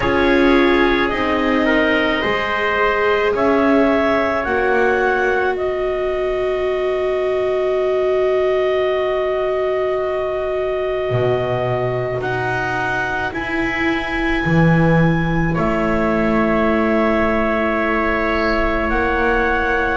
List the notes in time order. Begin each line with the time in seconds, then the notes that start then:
0.00 C#4 F4 G#4 C#5
1.09 C4 D#4 D#5
1.66 A#4
2.21 G#3 G#4 C5
3.34 C#4 C#5 E5
4.44 A#3 F#4 F#5
5.55 B3 B4 D#5
11.10 B2
12.20 D#4 F#5
13.32 E4 G#5
14.45 E3
15.54 A3 C#5 E5
18.89 A#3 F#5